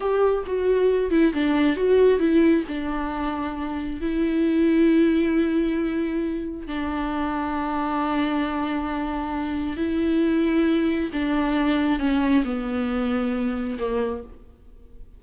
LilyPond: \new Staff \with { instrumentName = "viola" } { \time 4/4 \tempo 4 = 135 g'4 fis'4. e'8 d'4 | fis'4 e'4 d'2~ | d'4 e'2.~ | e'2. d'4~ |
d'1~ | d'2 e'2~ | e'4 d'2 cis'4 | b2. ais4 | }